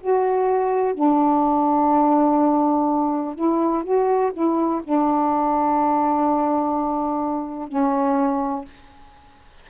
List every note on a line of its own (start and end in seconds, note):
0.00 0.94 F#4
0.94 3.35 D4
3.35 3.84 E4
3.84 4.32 F#4
4.33 4.81 E4
4.83 7.68 D4
7.68 8.65 C#4